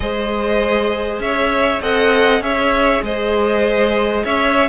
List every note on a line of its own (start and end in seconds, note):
0.00 1.19 G#3
0.00 1.81 G#4
0.00 1.22 C5
0.00 1.19 D#5
1.19 1.80 C#4
1.19 1.81 C#5
1.19 1.81 E5
1.81 2.40 C4
1.81 2.41 A4
1.81 2.42 D#5
1.81 2.43 F#5
2.40 3.01 C#4
2.40 4.68 G#4
2.40 3.03 C#5
2.40 3.03 E5
3.02 4.23 G#3
3.02 4.24 C5
3.02 4.25 D#5
4.24 4.69 C#4
4.24 4.69 C#5
4.24 4.69 E5